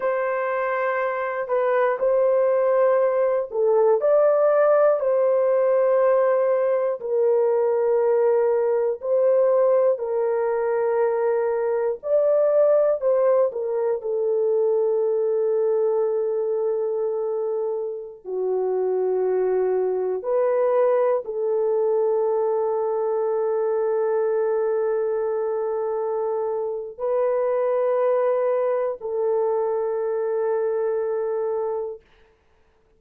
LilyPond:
\new Staff \with { instrumentName = "horn" } { \time 4/4 \tempo 4 = 60 c''4. b'8 c''4. a'8 | d''4 c''2 ais'4~ | ais'4 c''4 ais'2 | d''4 c''8 ais'8 a'2~ |
a'2~ a'16 fis'4.~ fis'16~ | fis'16 b'4 a'2~ a'8.~ | a'2. b'4~ | b'4 a'2. | }